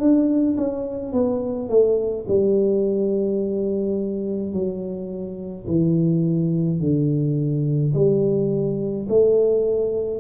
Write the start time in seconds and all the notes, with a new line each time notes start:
0.00 D4
0.57 C#4
1.13 B3
1.69 A3
2.28 G3
4.53 F#3
5.67 E3
6.80 D3
7.95 G3
9.09 A3